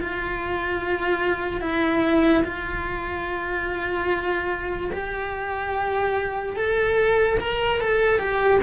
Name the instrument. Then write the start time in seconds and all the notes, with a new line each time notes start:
cello
0.00 F4
1.61 E4
2.45 F4
4.92 G4
6.57 A4
7.40 A#4
7.81 A4
8.20 G4